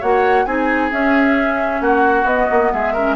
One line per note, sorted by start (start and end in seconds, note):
0.00 0.46 A#3
0.00 0.46 F#4
0.00 0.45 C#5
0.00 0.45 F#5
0.45 0.91 C4
0.45 0.91 D#4
0.45 1.82 G#4
0.45 0.91 G#5
0.91 2.26 C#4
0.91 1.81 C#4
0.91 1.82 E5
1.81 2.24 A#3
1.81 2.72 F#4
1.81 2.27 F#5
2.24 2.47 B3
2.24 2.97 B3
2.24 2.72 D#5
2.51 2.73 A#3
2.73 3.16 G#3
2.73 2.93 G#4
2.73 3.16 E5
2.93 3.16 C#4
2.93 3.16 A#4